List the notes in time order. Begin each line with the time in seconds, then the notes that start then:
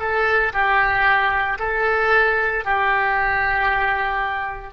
0.00 A4
0.53 G4
1.59 A4
2.65 G4